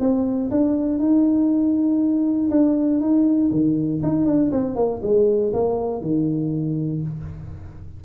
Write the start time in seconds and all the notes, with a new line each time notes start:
0.00 C4
0.51 D4
0.99 D#4
2.51 D4
3.01 D#4
3.51 D#3
4.03 D#4
4.26 D4
4.52 C4
4.76 A#3
5.03 G#3
5.53 A#3
6.02 D#3